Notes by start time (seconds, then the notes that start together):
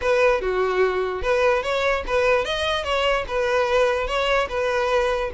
0.01 B4
0.41 F#4
1.22 B4
1.62 C#5
2.06 B4
2.45 D#5
2.84 C#5
3.27 B4
4.07 C#5
4.48 B4